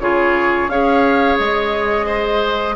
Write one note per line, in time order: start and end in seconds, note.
0.00 0.68 C#3
0.00 0.70 F4
0.00 0.71 G#4
0.00 0.69 C#5
0.68 1.37 C#4
0.68 2.76 G#4
0.68 2.06 C#5
0.68 1.38 F5
1.38 2.76 G#3
1.38 2.76 D#5
2.06 2.75 C5